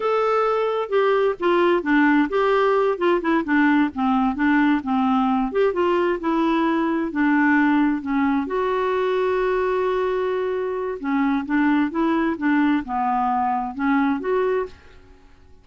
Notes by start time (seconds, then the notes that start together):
0.00 A4
0.89 G4
1.39 F4
1.82 D4
2.29 G4
2.98 F4
3.21 E4
3.44 D4
3.94 C4
4.35 D4
4.83 C4
5.51 G4
5.73 F4
6.19 E4
7.11 D4
8.01 C#4
8.46 F#4
10.99 C#4
11.45 D4
11.90 E4
12.37 D4
12.84 B3
13.74 C#4
14.20 F#4